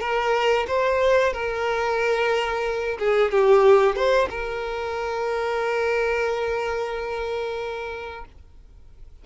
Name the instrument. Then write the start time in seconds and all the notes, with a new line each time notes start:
violin
0.00 A#4
0.67 C5
1.33 A#4
2.99 G#4
3.31 G4
3.96 C5
4.29 A#4